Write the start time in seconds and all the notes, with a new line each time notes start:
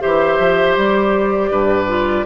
0.00 E3 G4 C5 E5
0.39 F3
0.76 G3 D5
1.51 G2 B4
1.88 F4